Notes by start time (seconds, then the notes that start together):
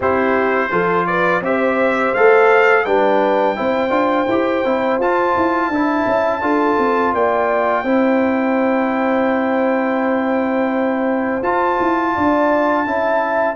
0.00 C4 E4 G4 C5
0.70 F3 F4 A4
1.06 B4 D5
1.40 C4 G4 C5 E5
2.14 A3 A4 F5
2.85 G3 D4 B4 G5
3.56 C4 E4 C5
3.90 D4 F4
4.28 E4 G4
4.64 C4 E4
4.98 F4 A5
5.36 E4
5.69 D4 E4 E5
6.06 C#4
6.41 D4 F4 A4
6.78 C4
7.13 A#3 D5 G5
7.83 C4 E4 C5
11.42 F4 A5
11.79 E4
12.14 D4 D5
12.85 C#4 E4 E5